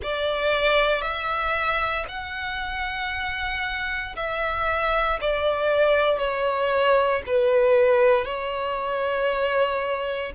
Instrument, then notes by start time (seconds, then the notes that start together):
violin
0.03 D5
1.01 E5
2.08 F#5
4.16 E5
5.20 D5
6.18 C#5
7.26 B4
8.25 C#5